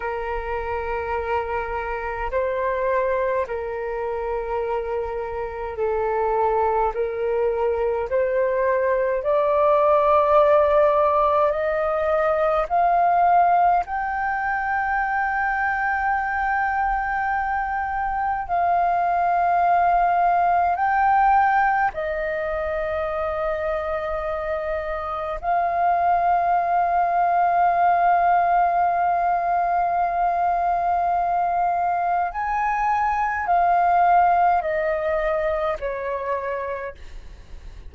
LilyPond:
\new Staff \with { instrumentName = "flute" } { \time 4/4 \tempo 4 = 52 ais'2 c''4 ais'4~ | ais'4 a'4 ais'4 c''4 | d''2 dis''4 f''4 | g''1 |
f''2 g''4 dis''4~ | dis''2 f''2~ | f''1 | gis''4 f''4 dis''4 cis''4 | }